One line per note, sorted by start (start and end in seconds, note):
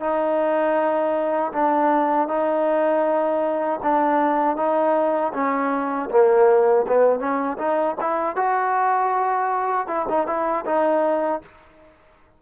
0.00 1.52 D#4
1.53 2.28 D4
2.28 3.80 D#4
3.83 4.56 D4
4.56 5.32 D#4
5.34 6.10 C#4
6.10 6.86 A#3
6.88 7.19 B3
7.19 7.57 C#4
7.58 7.96 D#4
8.01 8.36 E4
8.36 9.87 F#4
9.87 10.06 E4
10.09 10.27 D#4
10.27 10.65 E4
10.66 11.42 D#4